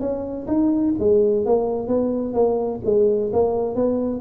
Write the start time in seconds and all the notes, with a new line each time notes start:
0.00 C#4
0.48 D#4
0.99 G#3
1.46 A#3
1.88 B3
2.34 A#3
2.85 G#3
3.33 A#3
3.75 B3